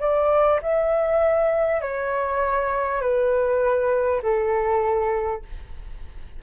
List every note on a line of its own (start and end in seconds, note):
0.00 0.60 D5
0.62 1.82 E5
1.82 3.02 C#5
3.02 4.22 B4
4.23 5.43 A4